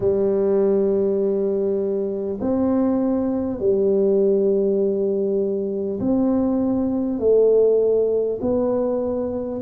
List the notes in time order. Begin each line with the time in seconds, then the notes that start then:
0.00 G3
2.41 C4
3.59 G3
6.00 C4
7.19 A3
8.41 B3